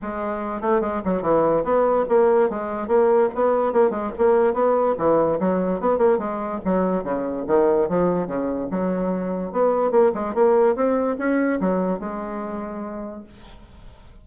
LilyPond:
\new Staff \with { instrumentName = "bassoon" } { \time 4/4 \tempo 4 = 145 gis4. a8 gis8 fis8 e4 | b4 ais4 gis4 ais4 | b4 ais8 gis8 ais4 b4 | e4 fis4 b8 ais8 gis4 |
fis4 cis4 dis4 f4 | cis4 fis2 b4 | ais8 gis8 ais4 c'4 cis'4 | fis4 gis2. | }